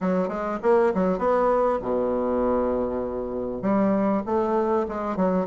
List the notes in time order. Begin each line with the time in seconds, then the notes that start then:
0.00 F#3
0.28 G#3
0.62 A#3
0.94 F#3
1.18 B3
1.82 B2
3.61 G3
4.26 A3
4.88 G#3
5.16 F#3